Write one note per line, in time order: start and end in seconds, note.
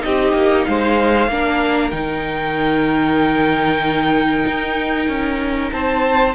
0.00 0.33 C4
0.00 1.26 D#4
0.00 0.68 G4
0.00 0.65 D#5
0.33 0.65 A#3
0.65 1.28 G#3
0.65 1.31 C5
0.65 1.91 F5
1.28 1.91 A#3
1.28 1.92 D4
1.28 5.73 A#4
1.91 4.45 D#3
1.91 6.34 D#4
1.91 5.69 G5
4.47 5.08 D#4
5.08 5.71 C#4
5.72 6.35 C4
5.72 6.35 C5
5.72 6.35 A5